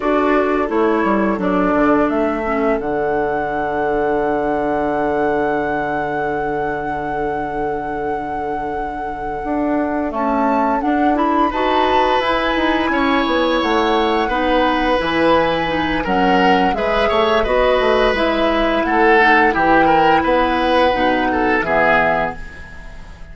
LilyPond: <<
  \new Staff \with { instrumentName = "flute" } { \time 4/4 \tempo 4 = 86 d''4 cis''4 d''4 e''4 | fis''1~ | fis''1~ | fis''2~ fis''8 a''4 fis''8 |
b''8 a''4 gis''2 fis''8~ | fis''4. gis''4. fis''4 | e''4 dis''4 e''4 fis''4 | g''4 fis''2 e''4 | }
  \new Staff \with { instrumentName = "oboe" } { \time 4/4 a'1~ | a'1~ | a'1~ | a'1~ |
a'8 b'2 cis''4.~ | cis''8 b'2~ b'8 ais'4 | b'8 cis''8 b'2 a'4 | g'8 ais'8 b'4. a'8 gis'4 | }
  \new Staff \with { instrumentName = "clarinet" } { \time 4/4 fis'4 e'4 d'4. cis'8 | d'1~ | d'1~ | d'2~ d'8 a4 d'8 |
e'8 fis'4 e'2~ e'8~ | e'8 dis'4 e'4 dis'8 cis'4 | gis'4 fis'4 e'4. dis'8 | e'2 dis'4 b4 | }
  \new Staff \with { instrumentName = "bassoon" } { \time 4/4 d'4 a8 g8 fis8 d8 a4 | d1~ | d1~ | d4. d'4 cis'4 d'8~ |
d'8 dis'4 e'8 dis'8 cis'8 b8 a8~ | a8 b4 e4. fis4 | gis8 a8 b8 a8 gis4 a4 | e4 b4 b,4 e4 | }
>>